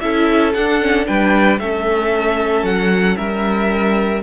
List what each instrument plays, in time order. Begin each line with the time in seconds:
0.00 cello C#4, viola E4, violin A4 E5
0.54 cello D4, viola D4, violin F#5
0.81 viola C#4
1.06 cello G3, viola D4, violin B4 G5
1.59 cello A3, viola C#4, violin A4 E5
2.63 cello F#3, violin F#5
3.17 cello G3, violin A#4 E5